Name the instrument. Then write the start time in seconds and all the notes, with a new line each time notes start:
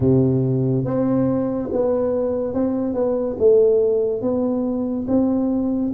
tuba
0.00 C3
0.85 C4
1.72 B3
2.54 C4
2.93 B3
3.38 A3
4.21 B3
5.07 C4